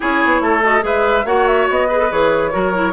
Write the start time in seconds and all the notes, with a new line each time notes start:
0.00 C#4 E4 G#4 C#5
0.24 B3
0.41 A3 A4
0.62 F#4 D#5
0.81 G#3 G#4 B4 E5
1.24 A#3 F#4 C#5 F#5
1.47 E5
1.70 B3 D#5
1.87 G#4 B4
1.98 A4
2.10 E3 G#4 C#5
2.52 F#3 F#4 A#4
2.73 E4